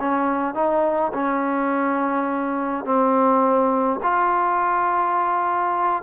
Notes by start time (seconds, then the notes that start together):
0.00 C#4
0.55 D#4
1.14 C#4
2.85 C4
4.03 F4